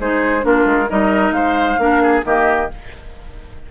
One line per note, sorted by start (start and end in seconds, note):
0.00 0.45 G#3
0.00 0.41 D#4
0.00 0.46 G#4
0.00 0.45 C5
0.41 0.66 A#3
0.41 0.86 D4
0.41 0.90 F4
0.41 0.90 A#4
0.66 0.88 G#3
0.90 1.32 G3
0.90 1.79 D#4
0.90 1.35 A#4
0.90 1.33 D#5
1.32 1.77 G#3
1.32 1.81 C5
1.32 2.23 F5
1.79 2.24 A#3
1.79 2.23 D4
1.79 2.03 A#4
2.03 2.25 G#4
2.23 2.70 D#3
2.23 2.69 A#3
2.23 2.71 G4
2.23 2.72 D#5